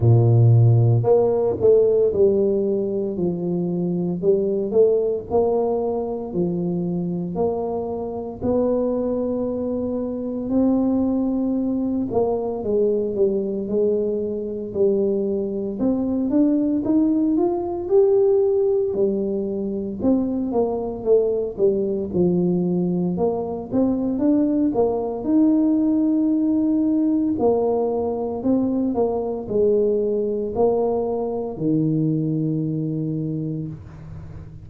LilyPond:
\new Staff \with { instrumentName = "tuba" } { \time 4/4 \tempo 4 = 57 ais,4 ais8 a8 g4 f4 | g8 a8 ais4 f4 ais4 | b2 c'4. ais8 | gis8 g8 gis4 g4 c'8 d'8 |
dis'8 f'8 g'4 g4 c'8 ais8 | a8 g8 f4 ais8 c'8 d'8 ais8 | dis'2 ais4 c'8 ais8 | gis4 ais4 dis2 | }